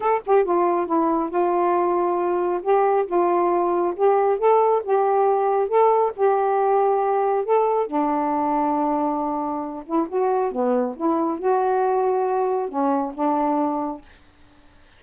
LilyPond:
\new Staff \with { instrumentName = "saxophone" } { \time 4/4 \tempo 4 = 137 a'8 g'8 f'4 e'4 f'4~ | f'2 g'4 f'4~ | f'4 g'4 a'4 g'4~ | g'4 a'4 g'2~ |
g'4 a'4 d'2~ | d'2~ d'8 e'8 fis'4 | b4 e'4 fis'2~ | fis'4 cis'4 d'2 | }